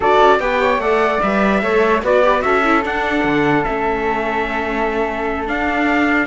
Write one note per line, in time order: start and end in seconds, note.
0.00 0.18 D4
0.00 0.40 F#4
0.00 0.37 A4
0.00 0.40 D5
0.19 0.39 C#4
0.39 0.78 B3
0.39 0.80 G4
0.39 0.60 B4
0.39 0.80 G5
0.60 0.80 C#5
0.78 1.18 A3
0.78 1.21 A4
0.78 1.61 D5
0.78 1.21 F#5
1.21 1.62 G3
1.21 1.61 B4
1.21 2.03 E5
1.61 2.02 A3
1.61 2.02 A4
1.61 2.02 C#5
2.02 2.43 B3
2.02 2.22 F#4
2.02 2.44 B4
2.02 2.41 D5
2.22 2.40 G4
2.40 2.85 C#4
2.40 2.60 F#4
2.40 6.26 A4
2.40 2.82 E5
2.64 2.82 E4
2.82 3.63 D4
2.82 3.24 D4
2.82 3.64 F#5
3.24 3.64 D3
3.64 5.49 A3
3.64 5.47 C#4
3.64 5.46 E5
5.47 6.26 D4
5.47 6.26 F5